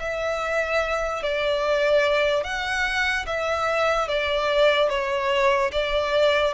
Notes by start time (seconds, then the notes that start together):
0.00 E5
1.23 D5
2.44 F#5
3.27 E5
4.08 D5
4.89 C#5
5.72 D5